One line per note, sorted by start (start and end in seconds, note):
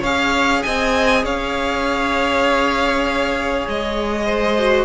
0.00 0.63 C#4
0.00 4.59 G#4
0.00 0.61 C#5
0.00 0.63 F5
0.63 1.24 C4
0.63 1.24 D#5
0.63 1.24 G#5
1.24 3.66 C#4
1.24 4.26 C#5
1.24 3.68 F5
3.68 4.85 G#3
3.68 4.85 D#5
4.26 4.85 C5
4.59 4.85 F#4